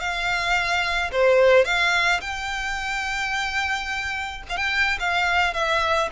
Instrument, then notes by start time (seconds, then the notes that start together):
violin
0.00 F5
1.12 C5
1.65 F5
2.21 G5
4.49 F5
4.57 G5
5.00 F5
5.54 E5